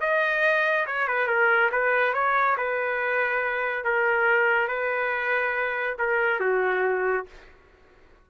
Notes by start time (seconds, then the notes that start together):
0.00 D#5
0.86 C#5
1.07 B4
1.27 A#4
1.71 B4
2.13 C#5
2.57 B4
3.84 A#4
4.68 B4
5.98 A#4
6.40 F#4